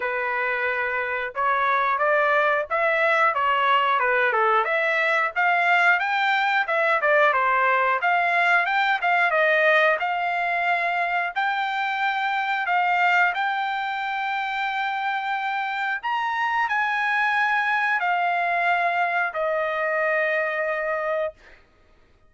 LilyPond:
\new Staff \with { instrumentName = "trumpet" } { \time 4/4 \tempo 4 = 90 b'2 cis''4 d''4 | e''4 cis''4 b'8 a'8 e''4 | f''4 g''4 e''8 d''8 c''4 | f''4 g''8 f''8 dis''4 f''4~ |
f''4 g''2 f''4 | g''1 | ais''4 gis''2 f''4~ | f''4 dis''2. | }